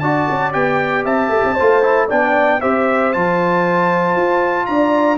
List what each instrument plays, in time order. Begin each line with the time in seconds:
0.00 tuba D4, trombone F#4, horn D5, trumpet A5
0.30 tuba C#4
0.53 tuba B3, trombone G4, trumpet G5
1.05 tuba C4, horn E5, trumpet A5
1.29 tuba A3
1.44 tuba C4
1.54 trombone F4, horn C5
1.60 tuba A3
1.83 trombone E4
2.08 tuba B3, trombone D4, horn D5, trumpet G5
2.61 tuba C4, trombone G4, horn C5, trumpet E5
3.13 tuba F3, trombone F4, trumpet A5
4.16 tuba F4
4.66 tuba D4, horn D5, trumpet A#5